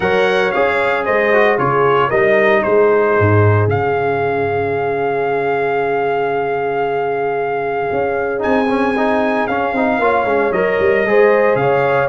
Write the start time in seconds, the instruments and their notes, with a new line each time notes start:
0.00 tuba F#3, trombone A#4, horn C#5, trumpet F#5
0.51 tuba C#4, trombone G#4, trumpet F5
1.05 tuba G#3, horn C5, trumpet D#5
1.33 trombone F#4
1.58 tuba C#3, trombone F4, horn G#4, trumpet C#5
2.08 tuba G3, trombone D#4, horn A#4, trumpet D#5
2.62 tuba G#3, horn G#4, trumpet C5
3.19 tuba G#2
3.67 tuba C#3, trombone C#4, trumpet F5
7.91 tuba C#4
8.38 trombone D#4, trumpet G#5
8.45 tuba C4
8.69 trombone C#4
8.96 trombone D#4
9.47 tuba C#4, trombone C#4, trumpet F5
9.73 tuba C4, trombone D#4
9.99 tuba A#3, trombone F4, horn C#5
10.25 tuba G#3, trombone C#4
10.52 tuba F#3, trombone A#4, trumpet D#5
10.79 tuba G3
11.04 tuba G#3, trombone G#4, horn C5
11.55 tuba C#3, horn C#5, trumpet F5